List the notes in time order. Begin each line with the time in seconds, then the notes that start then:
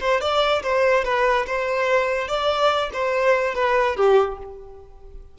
0.00 C5
0.21 D5
0.63 C5
1.04 B4
1.46 C5
2.28 D5
2.93 C5
3.55 B4
3.96 G4